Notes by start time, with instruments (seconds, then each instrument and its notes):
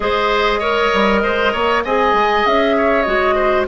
0.00 bassoon G#3, clarinet G#4, oboe C5, flute D#5
0.59 clarinet A#4, oboe C#5
0.93 bassoon G3
1.23 bassoon G#3, oboe C5
1.52 bassoon A#3, oboe C#5
1.84 bassoon C4, clarinet G#4, oboe D#5, flute G#5
2.13 bassoon G#3
2.46 bassoon C#4, flute E5
2.76 oboe C#5
3.01 bassoon G#3, clarinet F#4, flute D#5
3.35 oboe C5